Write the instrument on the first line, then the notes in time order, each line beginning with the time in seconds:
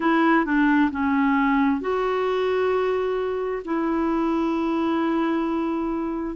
clarinet
0.00 E4
0.45 D4
0.91 C#4
1.81 F#4
3.64 E4